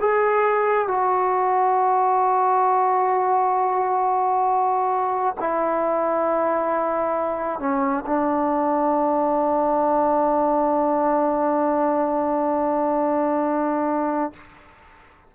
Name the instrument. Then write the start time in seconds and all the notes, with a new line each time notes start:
trombone
0.00 G#4
0.88 F#4
5.39 E4
7.59 C#4
8.06 D4